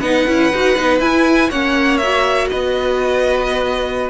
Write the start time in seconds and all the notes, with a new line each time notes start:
0.00 B3 D#4 B4 F#5
0.27 C#4 E4
0.52 D#4 F#4
0.76 B3 D#4
1.00 E4 G#5
1.49 A#3 C#4 C#5 F#5
1.98 F#4 E5
2.49 B3 B4 D#5